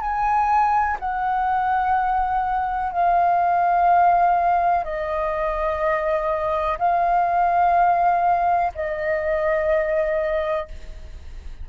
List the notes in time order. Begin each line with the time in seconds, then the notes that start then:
0.00 G#5
0.99 F#5
2.92 F5
4.84 D#5
6.78 F5
8.74 D#5